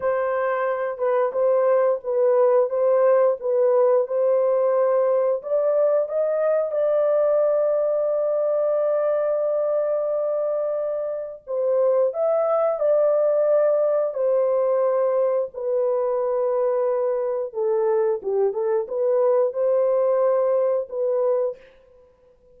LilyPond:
\new Staff \with { instrumentName = "horn" } { \time 4/4 \tempo 4 = 89 c''4. b'8 c''4 b'4 | c''4 b'4 c''2 | d''4 dis''4 d''2~ | d''1~ |
d''4 c''4 e''4 d''4~ | d''4 c''2 b'4~ | b'2 a'4 g'8 a'8 | b'4 c''2 b'4 | }